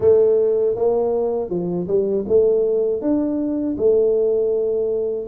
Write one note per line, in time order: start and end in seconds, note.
0.00 0.75 A3
0.75 1.49 A#3
1.49 1.87 F3
1.87 2.25 G3
2.27 3.01 A3
3.01 3.76 D4
3.77 5.27 A3